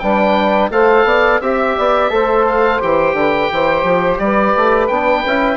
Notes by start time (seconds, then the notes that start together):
0.00 G3 D4 B4 G5
0.70 A3 A4 C5 F5
1.05 B3 D5
1.41 C4 G4 E5
1.77 B3 D5
2.10 A3 A4 C5
2.48 F5
2.80 E3 G4 G5
3.14 D3 B4
3.52 E3 C5
3.84 F3
4.19 G3 B4 D5
4.57 A3
4.88 B3 D4 G5
5.26 C#4 E4